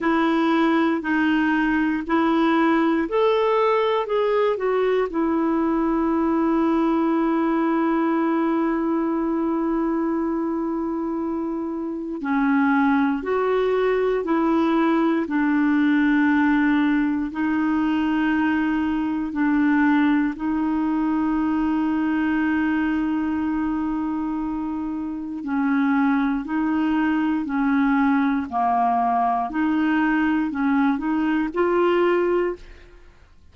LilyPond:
\new Staff \with { instrumentName = "clarinet" } { \time 4/4 \tempo 4 = 59 e'4 dis'4 e'4 a'4 | gis'8 fis'8 e'2.~ | e'1 | cis'4 fis'4 e'4 d'4~ |
d'4 dis'2 d'4 | dis'1~ | dis'4 cis'4 dis'4 cis'4 | ais4 dis'4 cis'8 dis'8 f'4 | }